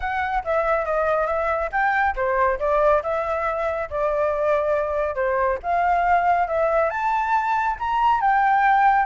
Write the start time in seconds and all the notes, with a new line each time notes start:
0.00 F#5
0.44 E5
0.85 D#5
1.26 E5
1.71 G5
2.15 C5
2.59 D5
3.03 E5
3.90 D5
5.15 C5
5.63 F5
6.47 E5
6.90 A5
7.79 A#5
8.21 G5